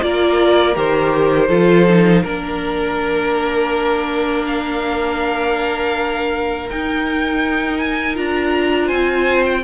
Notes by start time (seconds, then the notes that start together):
0.00 A#3 F4 A#4 D5
0.74 D#3 G4 C5
1.48 F3 F4 A4
1.88 D#4
2.22 A#3 D4 A#4
4.47 F5
6.70 D#4 G5
7.78 G#5
8.15 D4 F4 A#5
8.86 C4 C5 G#5
9.46 G5